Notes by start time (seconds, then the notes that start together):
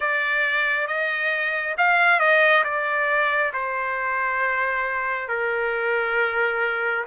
0.00 D5
0.87 D#5
1.77 F5
2.19 D#5
2.64 D5
3.53 C5
5.28 A#4